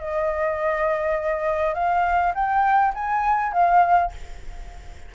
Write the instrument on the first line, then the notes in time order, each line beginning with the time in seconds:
flute
0.00 D#5
1.74 F5
2.34 G5
2.94 G#5
3.53 F5